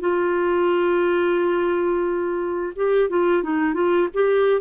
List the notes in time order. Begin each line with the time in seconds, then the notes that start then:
0.00 F4
2.76 G4
3.09 F4
3.43 D#4
3.74 F4
4.13 G4